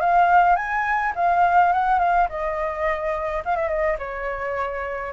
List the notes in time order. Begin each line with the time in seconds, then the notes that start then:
0.00 F5
0.56 G#5
1.15 F5
1.72 F#5
1.99 F5
2.28 D#5
3.44 F5
3.55 E5
3.68 D#5
3.98 C#5